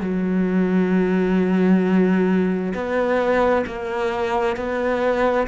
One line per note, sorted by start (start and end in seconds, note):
0.00 2.73 F#3
2.74 3.64 B3
3.66 4.56 A#3
4.56 5.47 B3